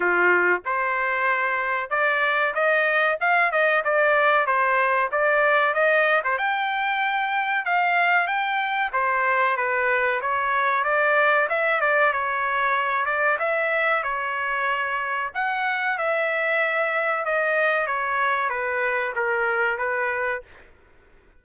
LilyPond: \new Staff \with { instrumentName = "trumpet" } { \time 4/4 \tempo 4 = 94 f'4 c''2 d''4 | dis''4 f''8 dis''8 d''4 c''4 | d''4 dis''8. c''16 g''2 | f''4 g''4 c''4 b'4 |
cis''4 d''4 e''8 d''8 cis''4~ | cis''8 d''8 e''4 cis''2 | fis''4 e''2 dis''4 | cis''4 b'4 ais'4 b'4 | }